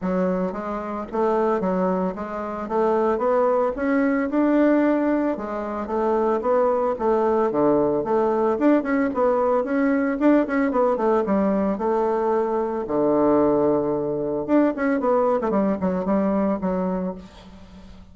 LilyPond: \new Staff \with { instrumentName = "bassoon" } { \time 4/4 \tempo 4 = 112 fis4 gis4 a4 fis4 | gis4 a4 b4 cis'4 | d'2 gis4 a4 | b4 a4 d4 a4 |
d'8 cis'8 b4 cis'4 d'8 cis'8 | b8 a8 g4 a2 | d2. d'8 cis'8 | b8. a16 g8 fis8 g4 fis4 | }